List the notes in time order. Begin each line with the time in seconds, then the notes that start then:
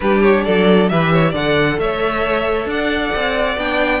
0.00 G3 D4 G4 B4
0.22 C#5
0.44 F#3 A4 D5
0.88 E3 G4 B4 E5
1.12 C#5
1.31 D3 A4 D5 F#5
1.78 A3 C#5 E5
2.65 D4 D5 F#5
3.15 C4
3.56 B3 D4 G5